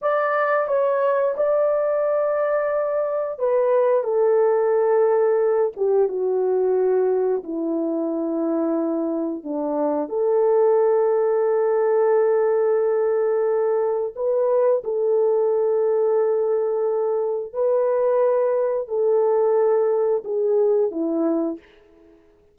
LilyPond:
\new Staff \with { instrumentName = "horn" } { \time 4/4 \tempo 4 = 89 d''4 cis''4 d''2~ | d''4 b'4 a'2~ | a'8 g'8 fis'2 e'4~ | e'2 d'4 a'4~ |
a'1~ | a'4 b'4 a'2~ | a'2 b'2 | a'2 gis'4 e'4 | }